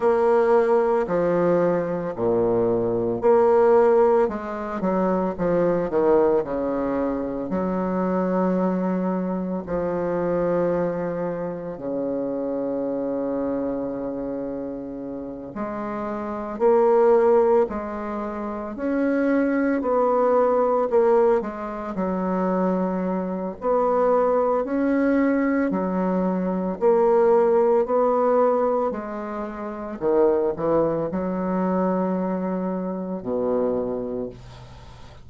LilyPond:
\new Staff \with { instrumentName = "bassoon" } { \time 4/4 \tempo 4 = 56 ais4 f4 ais,4 ais4 | gis8 fis8 f8 dis8 cis4 fis4~ | fis4 f2 cis4~ | cis2~ cis8 gis4 ais8~ |
ais8 gis4 cis'4 b4 ais8 | gis8 fis4. b4 cis'4 | fis4 ais4 b4 gis4 | dis8 e8 fis2 b,4 | }